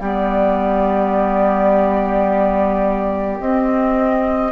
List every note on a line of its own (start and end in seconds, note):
0.00 3.40 G3
0.00 3.42 B3
0.00 4.52 G4
0.00 3.40 D5
3.40 4.52 C4
3.40 4.52 D#5